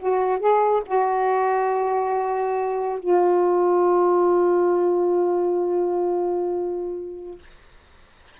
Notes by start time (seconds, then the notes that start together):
0.00 F#4
0.40 G#4
0.86 F#4
3.00 F4